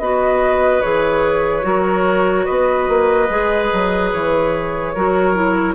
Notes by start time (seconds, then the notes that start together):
0.00 B3 F#4 B4 D#5
0.82 E3 G#4 C#5
1.62 F#3 F#4 A#4
2.46 B3 B4 D#5
2.89 A#3
3.30 G#3 G#4
3.73 F#3
4.12 E3 C#5
4.95 F#3 F#4 A#4
5.35 E4